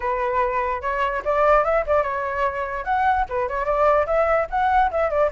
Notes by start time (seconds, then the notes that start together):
0.00 B4
0.81 C#5
1.24 D5
1.64 E5
1.86 D5
2.02 C#5
2.84 F#5
3.29 B4
3.48 C#5
3.65 D5
4.06 E5
4.50 F#5
4.91 E5
5.10 D5